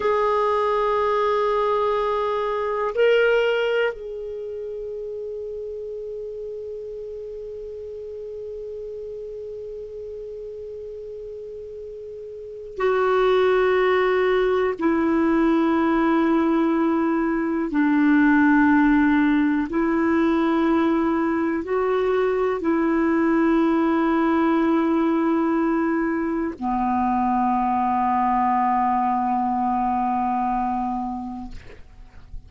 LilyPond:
\new Staff \with { instrumentName = "clarinet" } { \time 4/4 \tempo 4 = 61 gis'2. ais'4 | gis'1~ | gis'1~ | gis'4 fis'2 e'4~ |
e'2 d'2 | e'2 fis'4 e'4~ | e'2. b4~ | b1 | }